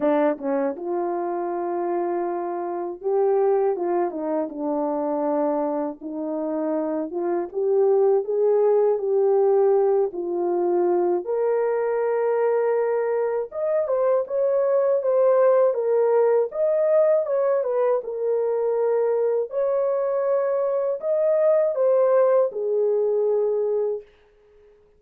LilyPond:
\new Staff \with { instrumentName = "horn" } { \time 4/4 \tempo 4 = 80 d'8 cis'8 f'2. | g'4 f'8 dis'8 d'2 | dis'4. f'8 g'4 gis'4 | g'4. f'4. ais'4~ |
ais'2 dis''8 c''8 cis''4 | c''4 ais'4 dis''4 cis''8 b'8 | ais'2 cis''2 | dis''4 c''4 gis'2 | }